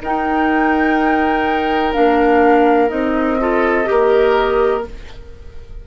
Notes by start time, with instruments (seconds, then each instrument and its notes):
0.00 bassoon D#4, clarinet D#4, oboe A#4, flute G5
1.93 bassoon A#3, clarinet D4, flute F5
2.88 bassoon C4, clarinet D#4, flute D#5
3.40 clarinet F4, oboe A4
3.84 bassoon A#3, clarinet G4, oboe A#4